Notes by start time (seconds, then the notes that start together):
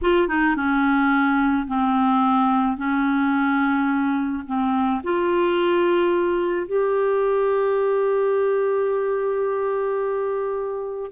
0.01 F4
0.28 D#4
0.56 C#4
1.67 C4
2.77 C#4
4.46 C4
5.03 F4
6.66 G4